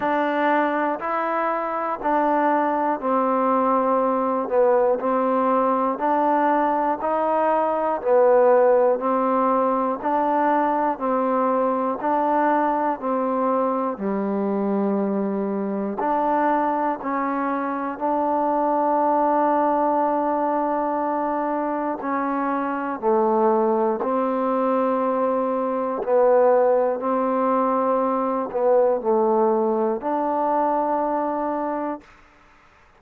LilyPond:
\new Staff \with { instrumentName = "trombone" } { \time 4/4 \tempo 4 = 60 d'4 e'4 d'4 c'4~ | c'8 b8 c'4 d'4 dis'4 | b4 c'4 d'4 c'4 | d'4 c'4 g2 |
d'4 cis'4 d'2~ | d'2 cis'4 a4 | c'2 b4 c'4~ | c'8 b8 a4 d'2 | }